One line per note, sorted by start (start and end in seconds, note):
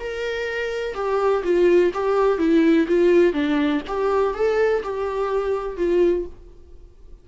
0.00 0.95 A#4
0.95 1.43 G4
1.44 1.92 F4
1.94 2.39 G4
2.39 2.87 E4
2.88 3.33 F4
3.33 3.82 D4
3.88 4.35 G4
4.35 4.83 A4
4.83 5.77 G4
5.77 6.26 F4